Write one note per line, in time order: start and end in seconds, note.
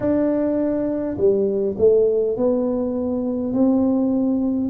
0.00 1.17 D4
1.17 1.76 G3
1.78 2.36 A3
2.36 3.52 B3
3.52 4.70 C4